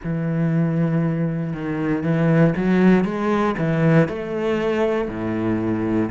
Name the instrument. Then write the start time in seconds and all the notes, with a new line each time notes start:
cello
0.03 E3
1.53 D#3
2.03 E3
2.56 F#3
3.04 G#3
3.57 E3
4.08 A3
5.08 A2